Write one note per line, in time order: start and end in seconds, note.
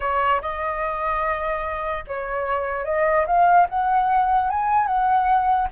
0.00 0.40 C#5
0.41 2.04 D#5
2.07 2.85 C#5
2.85 3.25 D#5
3.26 3.67 F5
3.69 4.50 F#5
4.50 4.86 G#5
4.86 5.68 F#5